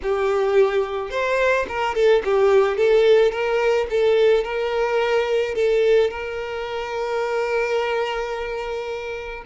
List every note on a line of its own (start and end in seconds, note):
0.02 1.10 G4
1.10 1.66 C5
1.68 1.94 A#4
1.94 2.22 A4
2.24 2.77 G4
2.77 3.31 A4
3.31 3.87 A#4
3.90 4.43 A4
4.43 5.54 A#4
5.54 6.10 A4
6.10 9.43 A#4